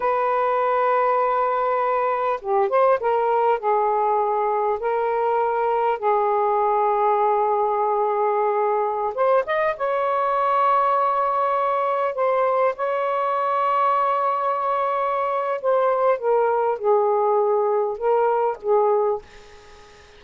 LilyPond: \new Staff \with { instrumentName = "saxophone" } { \time 4/4 \tempo 4 = 100 b'1 | g'8 c''8 ais'4 gis'2 | ais'2 gis'2~ | gis'2.~ gis'16 c''8 dis''16~ |
dis''16 cis''2.~ cis''8.~ | cis''16 c''4 cis''2~ cis''8.~ | cis''2 c''4 ais'4 | gis'2 ais'4 gis'4 | }